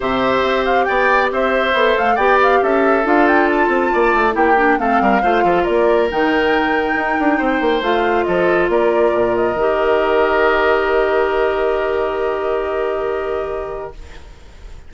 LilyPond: <<
  \new Staff \with { instrumentName = "flute" } { \time 4/4 \tempo 4 = 138 e''4. f''8 g''4 e''4~ | e''8 f''8 g''8 f''8 e''4 f''8 g''8 | a''2 g''4 f''4~ | f''4 d''4 g''2~ |
g''2 f''4 dis''4 | d''4. dis''2~ dis''8~ | dis''1~ | dis''1 | }
  \new Staff \with { instrumentName = "oboe" } { \time 4/4 c''2 d''4 c''4~ | c''4 d''4 a'2~ | a'4 d''4 g'4 a'8 ais'8 | c''8 a'8 ais'2.~ |
ais'4 c''2 a'4 | ais'1~ | ais'1~ | ais'1 | }
  \new Staff \with { instrumentName = "clarinet" } { \time 4/4 g'1 | a'4 g'2 f'4~ | f'2 e'8 d'8 c'4 | f'2 dis'2~ |
dis'2 f'2~ | f'2 g'2~ | g'1~ | g'1 | }
  \new Staff \with { instrumentName = "bassoon" } { \time 4/4 c4 c'4 b4 c'4 | b8 a8 b4 cis'4 d'4~ | d'8 c'8 ais8 a8 ais4 a8 g8 | a8 f8 ais4 dis2 |
dis'8 d'8 c'8 ais8 a4 f4 | ais4 ais,4 dis2~ | dis1~ | dis1 | }
>>